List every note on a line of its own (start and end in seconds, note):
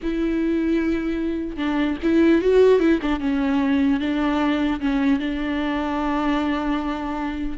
0.02 1.57 E4
1.57 1.97 D4
2.02 2.41 E4
2.41 2.79 F#4
2.79 2.99 E4
3.01 3.20 D4
3.20 4.00 C#4
4.00 4.80 D4
4.80 5.19 C#4
5.19 7.57 D4